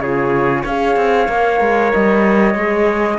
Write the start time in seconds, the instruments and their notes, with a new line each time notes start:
0.00 cello C#3, horn F4, trumpet G#4, flute C#5
0.63 cello C#4, horn G#4, trumpet C#5, flute F5
0.96 cello C4
1.29 cello A#3, horn A#4
1.61 cello G#3
1.93 cello G3, flute D#5
2.55 cello G#3, horn G#4